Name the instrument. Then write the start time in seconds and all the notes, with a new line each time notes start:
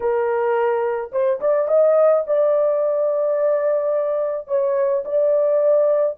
horn
0.00 A#4
1.12 C5
1.40 D5
1.67 D#5
2.26 D5
4.47 C#5
5.05 D5